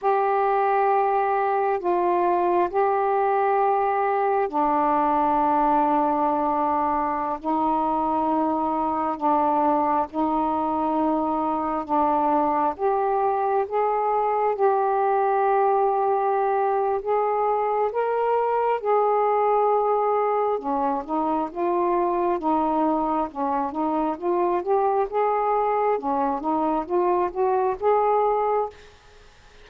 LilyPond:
\new Staff \with { instrumentName = "saxophone" } { \time 4/4 \tempo 4 = 67 g'2 f'4 g'4~ | g'4 d'2.~ | d'16 dis'2 d'4 dis'8.~ | dis'4~ dis'16 d'4 g'4 gis'8.~ |
gis'16 g'2~ g'8. gis'4 | ais'4 gis'2 cis'8 dis'8 | f'4 dis'4 cis'8 dis'8 f'8 g'8 | gis'4 cis'8 dis'8 f'8 fis'8 gis'4 | }